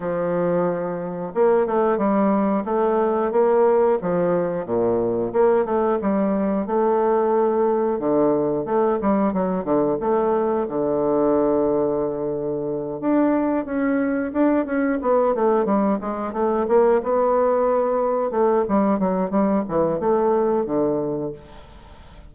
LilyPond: \new Staff \with { instrumentName = "bassoon" } { \time 4/4 \tempo 4 = 90 f2 ais8 a8 g4 | a4 ais4 f4 ais,4 | ais8 a8 g4 a2 | d4 a8 g8 fis8 d8 a4 |
d2.~ d8 d'8~ | d'8 cis'4 d'8 cis'8 b8 a8 g8 | gis8 a8 ais8 b2 a8 | g8 fis8 g8 e8 a4 d4 | }